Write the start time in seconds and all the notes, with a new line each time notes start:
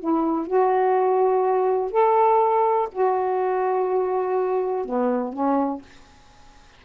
0.00 E4
0.47 F#4
1.92 A4
2.92 F#4
4.86 B3
5.33 C#4